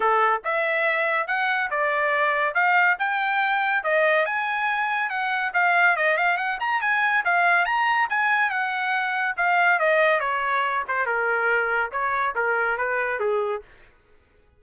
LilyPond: \new Staff \with { instrumentName = "trumpet" } { \time 4/4 \tempo 4 = 141 a'4 e''2 fis''4 | d''2 f''4 g''4~ | g''4 dis''4 gis''2 | fis''4 f''4 dis''8 f''8 fis''8 ais''8 |
gis''4 f''4 ais''4 gis''4 | fis''2 f''4 dis''4 | cis''4. c''8 ais'2 | cis''4 ais'4 b'4 gis'4 | }